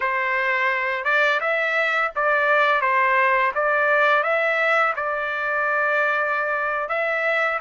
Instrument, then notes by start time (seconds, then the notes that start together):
trumpet
0.00 C5
1.04 D5
1.40 E5
2.15 D5
2.81 C5
3.54 D5
4.23 E5
4.96 D5
6.89 E5